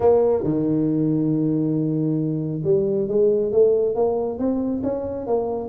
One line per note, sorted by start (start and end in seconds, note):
0.00 0.43 A#3
0.43 2.62 D#3
2.64 3.08 G3
3.08 3.52 G#3
3.52 3.95 A3
3.95 4.38 A#3
4.38 4.82 C4
4.83 5.27 C#4
5.27 5.69 A#3